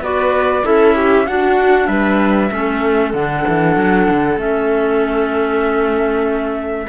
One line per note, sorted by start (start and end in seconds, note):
0.00 0.62 B3
0.00 0.63 F#4
0.00 0.65 B4
0.00 0.65 D5
0.63 1.28 C#4
0.63 1.25 E4
0.63 0.95 A4
0.63 1.27 E5
0.95 1.26 G4
1.27 1.88 D4
1.27 2.50 D4
1.27 1.88 F#4
1.27 1.86 F#5
1.86 2.50 G3
1.86 2.51 B4
1.86 3.11 E5
2.50 3.13 A3
2.50 3.13 C#4
2.50 6.88 A4
3.13 3.44 D3
3.13 4.38 D4
3.13 4.38 F#5
3.48 3.76 E3
3.76 4.07 F#3
4.10 4.36 D3
4.36 6.86 A3
4.36 6.88 C#4
4.36 6.88 E5